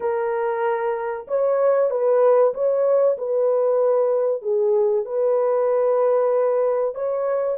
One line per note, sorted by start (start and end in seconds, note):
0.00 1.26 A#4
1.27 1.90 C#5
1.90 2.53 B4
2.54 3.17 C#5
3.18 4.42 B4
4.42 5.05 G#4
5.05 6.94 B4
6.94 7.58 C#5